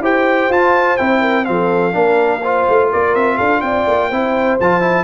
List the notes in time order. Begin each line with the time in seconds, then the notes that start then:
0.00 E4 G4 C5 G5
0.49 F4 A5
0.96 C4 E4 G5
1.21 A#4
1.44 F3 C4 A4 F5
1.92 A#3 D4 A#4
2.42 F4 C5
2.68 A3
2.90 A#3 A#4 D5
3.15 C4 E5
3.37 D4 A4 F5
3.61 C4 D5 G5
3.87 A#3
4.09 C4 E4 C5
4.60 F3 F4 A5
4.81 E4